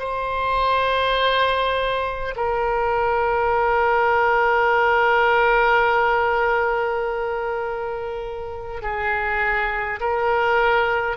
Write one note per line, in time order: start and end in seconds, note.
0.00 2.35 C5
2.36 8.82 A#4
8.82 10.00 G#4
10.00 11.17 A#4